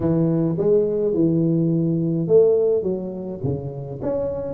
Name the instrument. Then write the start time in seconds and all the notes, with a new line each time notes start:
tuba
0.00 E3
0.58 G#3
1.14 E3
2.27 A3
2.82 F#3
3.43 C#3
4.02 C#4